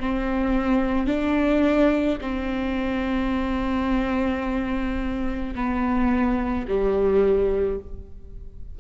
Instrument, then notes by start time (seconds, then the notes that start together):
viola
0.00 C4
1.07 D4
2.21 C4
5.56 B3
6.68 G3